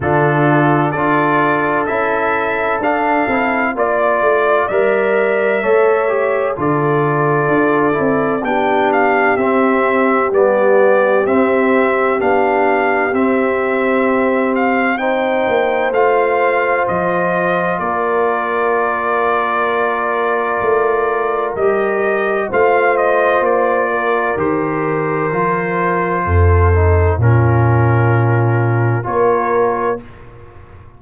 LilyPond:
<<
  \new Staff \with { instrumentName = "trumpet" } { \time 4/4 \tempo 4 = 64 a'4 d''4 e''4 f''4 | d''4 e''2 d''4~ | d''4 g''8 f''8 e''4 d''4 | e''4 f''4 e''4. f''8 |
g''4 f''4 dis''4 d''4~ | d''2. dis''4 | f''8 dis''8 d''4 c''2~ | c''4 ais'2 cis''4 | }
  \new Staff \with { instrumentName = "horn" } { \time 4/4 f'4 a'2. | d''2 cis''4 a'4~ | a'4 g'2.~ | g'1 |
c''2. ais'4~ | ais'1 | c''4. ais'2~ ais'8 | a'4 f'2 ais'4 | }
  \new Staff \with { instrumentName = "trombone" } { \time 4/4 d'4 f'4 e'4 d'8 e'8 | f'4 ais'4 a'8 g'8 f'4~ | f'8 e'8 d'4 c'4 b4 | c'4 d'4 c'2 |
dis'4 f'2.~ | f'2. g'4 | f'2 g'4 f'4~ | f'8 dis'8 cis'2 f'4 | }
  \new Staff \with { instrumentName = "tuba" } { \time 4/4 d4 d'4 cis'4 d'8 c'8 | ais8 a8 g4 a4 d4 | d'8 c'8 b4 c'4 g4 | c'4 b4 c'2~ |
c'8 ais8 a4 f4 ais4~ | ais2 a4 g4 | a4 ais4 dis4 f4 | f,4 ais,2 ais4 | }
>>